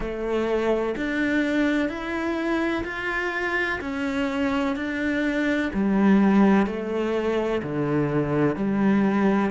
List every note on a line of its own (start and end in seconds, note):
0.00 0.95 A3
0.96 1.88 D4
1.88 2.84 E4
2.84 3.79 F4
3.81 4.76 C#4
4.76 5.71 D4
5.73 6.66 G3
6.66 7.61 A3
7.62 8.56 D3
8.56 9.51 G3